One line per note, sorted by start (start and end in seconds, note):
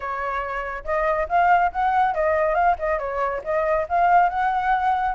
0.00 0.84 C#5
0.84 1.27 D#5
1.28 1.71 F5
1.71 2.14 F#5
2.14 2.54 D#5
2.54 2.75 F5
2.78 2.99 D#5
2.99 3.41 C#5
3.44 3.86 D#5
3.88 4.29 F5
4.29 5.14 F#5